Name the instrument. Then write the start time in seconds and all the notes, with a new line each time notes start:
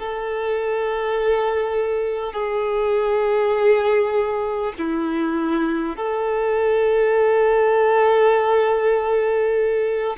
violin
0.00 A4
2.33 G#4
4.78 E4
5.97 A4